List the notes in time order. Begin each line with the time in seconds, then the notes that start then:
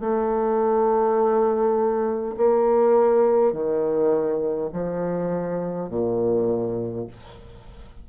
0.00 A3
2.37 A#3
3.52 D#3
4.72 F3
5.89 A#2